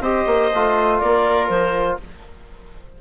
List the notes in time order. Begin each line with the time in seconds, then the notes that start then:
0.00 C4 G4 C5 D#5
0.26 A#3
0.53 A3 F4
0.99 A#3 A#4 D5
1.48 F3 C5